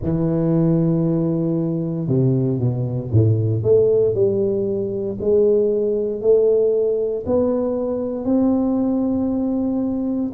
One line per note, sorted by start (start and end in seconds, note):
0.02 2.07 E3
2.07 2.59 C3
2.59 3.10 B2
3.11 3.62 A2
3.62 4.14 A3
4.14 5.17 G3
5.20 6.21 G#3
6.21 7.24 A3
7.26 8.24 B3
8.24 10.31 C4